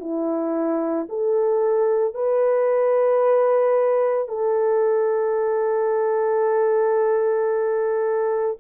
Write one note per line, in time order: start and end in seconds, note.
0.00 1.07 E4
1.09 2.14 A4
2.14 4.28 B4
4.28 8.57 A4